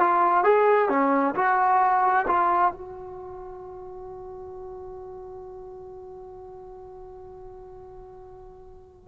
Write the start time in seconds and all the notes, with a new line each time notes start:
0.00 F4
0.44 G#4
0.89 C#4
1.35 F#4
2.27 F4
2.72 F#4